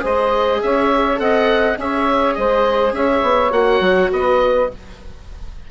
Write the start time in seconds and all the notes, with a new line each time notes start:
0.00 G#3 G#4 C5 D#5
0.62 C#4 C#5 E5
1.16 C4 A4 D#5 F#5
1.77 C#4 G#4 C#5 E5
2.34 G#3 C5 D#5
2.92 C#4 C#5 E5
3.22 B3
3.50 A#3 F#4 F#5
3.80 F#3
4.12 B3 B4 D#5